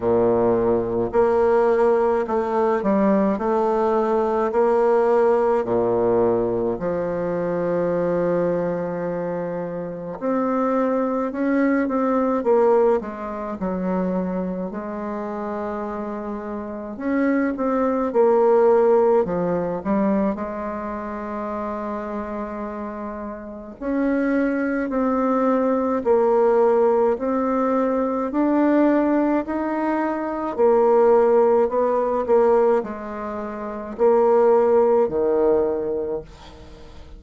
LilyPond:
\new Staff \with { instrumentName = "bassoon" } { \time 4/4 \tempo 4 = 53 ais,4 ais4 a8 g8 a4 | ais4 ais,4 f2~ | f4 c'4 cis'8 c'8 ais8 gis8 | fis4 gis2 cis'8 c'8 |
ais4 f8 g8 gis2~ | gis4 cis'4 c'4 ais4 | c'4 d'4 dis'4 ais4 | b8 ais8 gis4 ais4 dis4 | }